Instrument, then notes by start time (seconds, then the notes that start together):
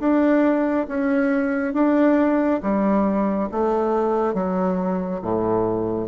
bassoon
0.00 D4
0.88 C#4
1.74 D4
2.63 G3
3.52 A3
4.34 F#3
5.23 A2